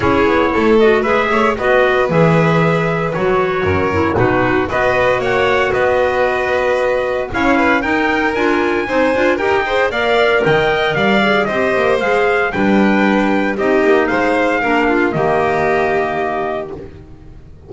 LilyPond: <<
  \new Staff \with { instrumentName = "trumpet" } { \time 4/4 \tempo 4 = 115 cis''4. dis''8 e''4 dis''4 | e''2 cis''2 | b'4 dis''4 fis''4 dis''4~ | dis''2 f''4 g''4 |
gis''2 g''4 f''4 | g''4 f''4 dis''4 f''4 | g''2 dis''4 f''4~ | f''4 dis''2. | }
  \new Staff \with { instrumentName = "violin" } { \time 4/4 gis'4 a'4 b'8 cis''8 b'4~ | b'2. ais'4 | fis'4 b'4 cis''4 b'4~ | b'2 cis''8 b'8 ais'4~ |
ais'4 c''4 ais'8 c''8 d''4 | dis''4 d''4 c''2 | b'2 g'4 c''4 | ais'8 f'8 g'2. | }
  \new Staff \with { instrumentName = "clarinet" } { \time 4/4 e'4. fis'8 gis'4 fis'4 | gis'2 fis'4. e'8 | dis'4 fis'2.~ | fis'2 e'4 dis'4 |
f'4 dis'8 f'8 g'8 gis'8 ais'4~ | ais'4. gis'8 g'4 gis'4 | d'2 dis'2 | d'4 ais2. | }
  \new Staff \with { instrumentName = "double bass" } { \time 4/4 cis'8 b8 a4 gis8 a8 b4 | e2 fis4 fis,4 | b,4 b4 ais4 b4~ | b2 cis'4 dis'4 |
d'4 c'8 d'8 dis'4 ais4 | dis4 g4 c'8 ais8 gis4 | g2 c'8 ais8 gis4 | ais4 dis2. | }
>>